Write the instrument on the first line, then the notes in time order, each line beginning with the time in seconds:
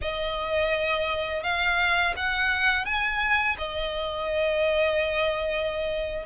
violin
0.01 D#5
1.43 F5
2.16 F#5
2.85 G#5
3.57 D#5